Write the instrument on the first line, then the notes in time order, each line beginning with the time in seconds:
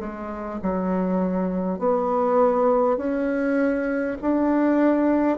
bassoon
0.00 G#3
0.62 F#3
1.78 B3
2.97 C#4
4.21 D4